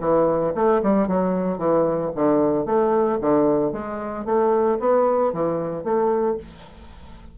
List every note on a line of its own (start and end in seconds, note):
0.00 0.53 E3
0.54 0.81 A3
0.83 1.07 G3
1.07 1.58 F#3
1.58 2.11 E3
2.15 2.65 D3
2.65 3.18 A3
3.21 3.72 D3
3.72 4.25 G#3
4.25 4.78 A3
4.79 5.32 B3
5.32 5.84 E3
5.84 6.37 A3